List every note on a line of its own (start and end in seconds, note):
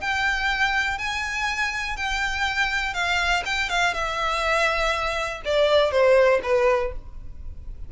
0.00 0.98 G5
0.98 1.96 G#5
1.96 2.94 G5
2.94 3.43 F5
3.45 3.69 G5
3.69 3.93 F5
3.93 5.41 E5
5.45 5.91 D5
5.91 6.40 C5
6.42 6.92 B4